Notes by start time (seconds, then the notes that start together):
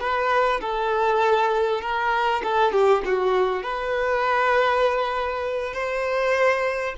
0.00 B4
0.61 A4
1.81 A#4
2.43 A4
2.72 G4
3.05 F#4
3.63 B4
5.74 C5